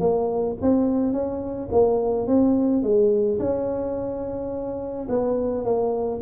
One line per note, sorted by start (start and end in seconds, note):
0.00 0.56 A#3
0.61 1.12 C4
1.12 1.68 C#4
1.72 2.27 A#3
2.27 2.83 C4
2.83 3.39 G#3
3.39 5.07 C#4
5.09 5.65 B3
5.65 6.21 A#3